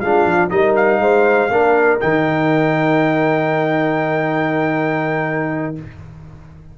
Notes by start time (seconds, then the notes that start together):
0.00 G#3 D4 F4 F5
0.25 F3
0.50 G3 D#4 A#4 D#5
0.76 F5
0.99 G#3 C5
1.50 A#3 D4 A#4
2.01 D#3 D#4 G5